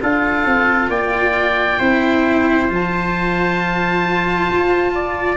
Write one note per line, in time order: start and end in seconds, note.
0.00 0.45 D4
0.00 1.79 F4
0.00 0.90 A4
0.00 0.90 F5
0.45 0.88 C4
0.88 1.78 A#3
0.88 1.79 D5
0.88 2.69 G5
1.79 2.70 C4
1.79 2.69 E4
1.79 4.92 C5
2.69 4.49 F3
2.69 5.36 F4
2.69 5.36 A5
4.49 5.36 F4
4.94 5.36 D5